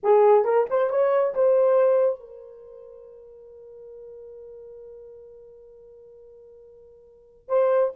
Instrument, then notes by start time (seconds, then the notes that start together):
horn
0.03 G#4
0.44 A#4
0.69 C5
0.89 C#5
1.34 C5
2.19 A#4
7.48 C5